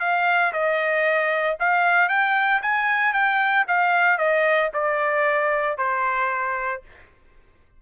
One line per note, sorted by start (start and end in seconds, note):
0.00 0.52 F5
0.53 1.57 D#5
1.59 2.09 F5
2.09 2.61 G5
2.62 3.13 G#5
3.13 3.65 G5
3.67 4.18 F5
4.18 4.70 D#5
4.74 5.77 D5
5.77 6.82 C5